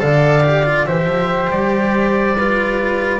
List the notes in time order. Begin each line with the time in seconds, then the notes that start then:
0.00 D3 A4 D5 F5
0.44 G4
0.66 F4
0.86 E3 G4 C5 E5
1.07 F3
1.51 G3 D5
2.37 F4 B4